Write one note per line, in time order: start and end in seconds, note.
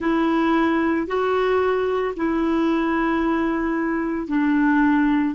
0.00 1.07 E4
1.07 2.14 F#4
2.16 4.27 E4
4.27 5.34 D4